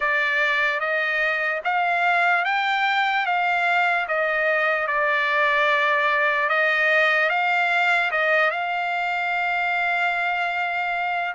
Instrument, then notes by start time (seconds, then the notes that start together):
trumpet
0.00 D5
0.80 D#5
1.64 F5
2.45 G5
3.25 F5
4.08 D#5
4.86 D5
6.49 D#5
7.29 F5
8.11 D#5
8.50 F5